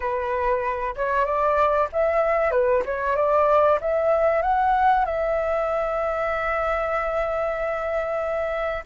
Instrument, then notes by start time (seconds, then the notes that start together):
flute
0.00 B4
0.96 C#5
1.25 D5
1.92 E5
2.51 B4
2.85 C#5
3.16 D5
3.80 E5
4.42 F#5
5.05 E5